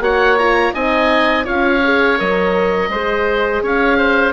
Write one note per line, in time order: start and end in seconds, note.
0.00 0.72 A#3
0.00 0.38 F#4
0.00 0.74 C#5
0.00 0.39 F#5
0.39 0.74 F4
0.39 0.75 A#5
0.74 1.48 C4
0.74 1.45 D#4
0.74 1.45 D#5
0.74 1.47 G#5
1.45 2.21 C#4
1.45 1.82 F4
1.45 2.90 C#5
1.45 2.20 F5
1.85 2.19 G#4
2.19 2.89 F#3
2.19 2.91 A#4
2.19 3.64 D#5
2.89 3.62 G#3
2.89 4.34 G#4
2.89 3.63 C5
3.63 4.34 C#4
3.63 3.98 C#5
3.63 4.34 F5
3.98 4.34 C5